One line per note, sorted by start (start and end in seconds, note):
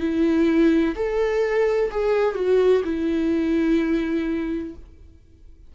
0.00 0.95 E4
0.96 1.91 A4
1.91 2.35 G#4
2.35 2.83 F#4
2.85 4.75 E4